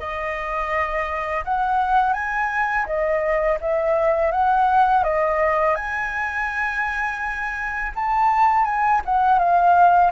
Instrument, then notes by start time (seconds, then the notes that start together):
flute
0.00 D#5
1.45 F#5
2.14 G#5
2.87 D#5
3.61 E5
4.32 F#5
5.04 D#5
5.76 G#5
7.96 A5
8.65 G#5
9.06 F#5
9.39 F5